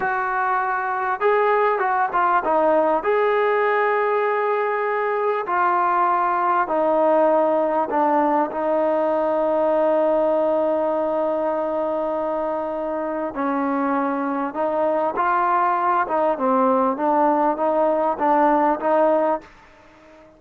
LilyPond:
\new Staff \with { instrumentName = "trombone" } { \time 4/4 \tempo 4 = 99 fis'2 gis'4 fis'8 f'8 | dis'4 gis'2.~ | gis'4 f'2 dis'4~ | dis'4 d'4 dis'2~ |
dis'1~ | dis'2 cis'2 | dis'4 f'4. dis'8 c'4 | d'4 dis'4 d'4 dis'4 | }